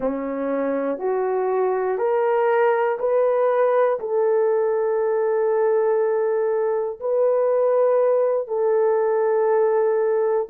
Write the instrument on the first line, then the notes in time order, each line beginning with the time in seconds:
horn
0.00 C#4
0.98 F#4
1.98 A#4
2.99 B4
4.00 A4
7.00 B4
8.47 A4